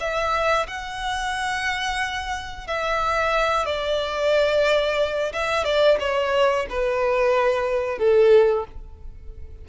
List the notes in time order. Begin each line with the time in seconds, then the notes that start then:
0.00 E5
0.67 F#5
2.67 E5
3.65 D5
5.33 E5
5.64 D5
5.99 C#5
6.69 B4
7.98 A4